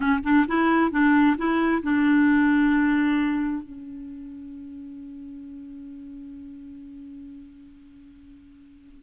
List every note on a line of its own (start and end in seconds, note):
0.00 0.19 C#4
0.23 0.46 D4
0.47 0.91 E4
0.91 1.36 D4
1.37 1.82 E4
1.83 3.62 D4
3.62 9.03 C#4